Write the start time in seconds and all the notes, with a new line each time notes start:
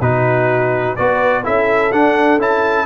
0.00 B2 D#4 F#4 B4
0.96 B3 F#4 B4 D5
1.43 C#4 E4 A4 E5
1.92 D4 F#5
2.38 C#4 E4 A5